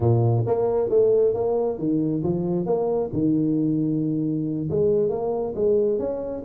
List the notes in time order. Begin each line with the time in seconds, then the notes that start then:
0.00 A#2
0.46 A#3
0.89 A3
1.33 A#3
1.78 D#3
2.23 F3
2.65 A#3
3.12 D#3
4.69 G#3
5.09 A#3
5.55 G#3
5.99 C#4